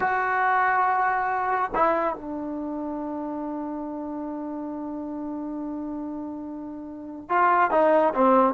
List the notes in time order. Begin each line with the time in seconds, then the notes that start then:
0.00 F#4
1.74 E4
2.15 D4
7.29 F4
7.70 D#4
8.14 C4